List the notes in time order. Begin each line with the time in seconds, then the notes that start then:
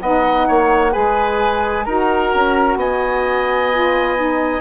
0.00 B3 D#4 D#5 F#5
0.48 A#3 C#5
0.90 G#3 G#4 B4 G#5
1.85 D#4 F#4 A#4 A#5
2.35 C#4
2.76 B3 D#5 G#5
3.72 F4
4.17 D#4